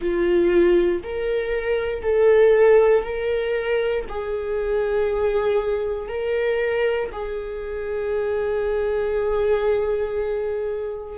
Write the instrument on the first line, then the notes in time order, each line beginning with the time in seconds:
viola
0.00 F4
1.03 A#4
2.02 A4
3.03 A#4
4.08 G#4
6.08 A#4
7.11 G#4